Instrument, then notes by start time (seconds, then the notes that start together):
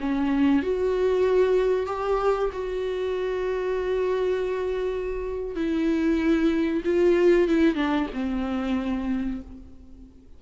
viola
0.00 C#4
0.62 F#4
1.87 G4
2.53 F#4
5.55 E4
6.85 F4
7.48 E4
7.75 D4
8.14 C4